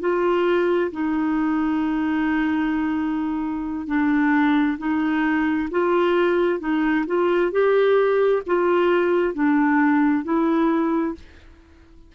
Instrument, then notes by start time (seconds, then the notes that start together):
clarinet
0.00 F4
0.91 D#4
3.87 D4
4.78 D#4
5.71 F4
6.60 D#4
7.06 F4
7.51 G4
8.46 F4
9.34 D4
10.24 E4